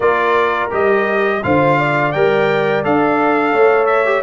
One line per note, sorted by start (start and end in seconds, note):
0.00 0.70 A#3
0.00 0.70 F4
0.00 1.40 A#4
0.00 0.70 D5
0.70 1.42 G3
0.70 1.41 G4
0.70 1.43 D#5
1.43 2.14 D3
1.43 2.13 F4
1.43 1.78 C5
1.43 2.12 F5
1.78 3.53 D5
2.12 2.85 G3
2.12 2.83 A#4
2.12 2.82 G5
2.83 3.53 D4
2.83 4.05 A4
2.83 3.86 F5
3.53 4.22 A3
3.53 4.22 C#5
3.86 4.21 E5
4.05 4.22 G4